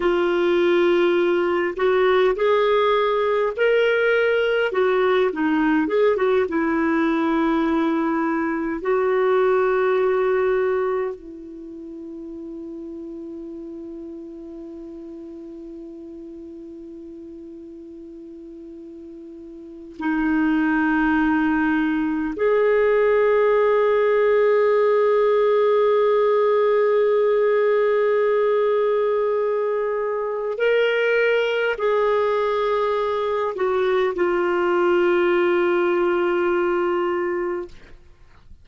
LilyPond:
\new Staff \with { instrumentName = "clarinet" } { \time 4/4 \tempo 4 = 51 f'4. fis'8 gis'4 ais'4 | fis'8 dis'8 gis'16 fis'16 e'2 fis'8~ | fis'4. e'2~ e'8~ | e'1~ |
e'4 dis'2 gis'4~ | gis'1~ | gis'2 ais'4 gis'4~ | gis'8 fis'8 f'2. | }